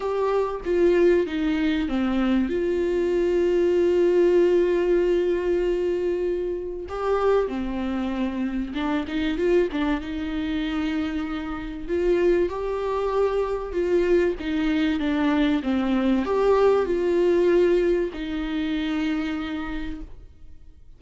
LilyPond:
\new Staff \with { instrumentName = "viola" } { \time 4/4 \tempo 4 = 96 g'4 f'4 dis'4 c'4 | f'1~ | f'2. g'4 | c'2 d'8 dis'8 f'8 d'8 |
dis'2. f'4 | g'2 f'4 dis'4 | d'4 c'4 g'4 f'4~ | f'4 dis'2. | }